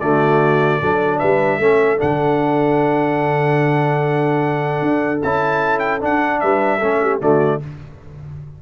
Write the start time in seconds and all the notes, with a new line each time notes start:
0.00 D3 A3 F#4 D5
0.81 F#3 D4 A4
1.19 G3 B4 E5
1.59 A3 C#4 A4
1.97 D3 D4 F#5
4.82 D4
5.22 C#4 E4 A5
5.79 G5
6.00 D4 F#5
6.40 G3 B4 E5
6.79 A3 C#4 A4
7.02 G4
7.20 D3 A3 F#4 D5